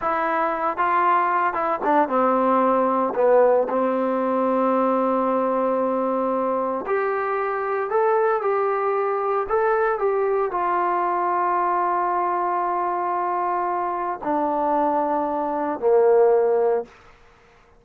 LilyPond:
\new Staff \with { instrumentName = "trombone" } { \time 4/4 \tempo 4 = 114 e'4. f'4. e'8 d'8 | c'2 b4 c'4~ | c'1~ | c'4 g'2 a'4 |
g'2 a'4 g'4 | f'1~ | f'2. d'4~ | d'2 ais2 | }